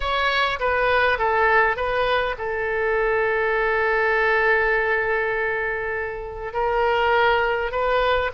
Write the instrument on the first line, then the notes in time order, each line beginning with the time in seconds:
oboe
0.00 C#5
0.59 B4
1.18 A4
1.76 B4
2.38 A4
6.53 A#4
7.71 B4